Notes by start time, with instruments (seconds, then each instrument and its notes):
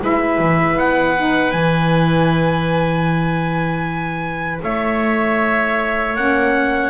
0.00 double bass G#3, saxophone E4, oboe B4, trumpet E5
0.39 double bass E3
0.76 double bass B3, trumpet F#5
1.17 saxophone D#4
1.52 double bass E3, saxophone E4, trumpet G#5
4.63 double bass A3, oboe C#5, trumpet E5
6.16 double bass A#3, saxophone C#4, trumpet F#5